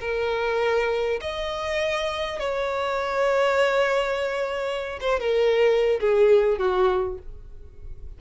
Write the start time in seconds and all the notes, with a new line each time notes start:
0.00 A#4
1.21 D#5
2.39 C#5
5.00 C5
5.20 A#4
6.00 G#4
6.58 F#4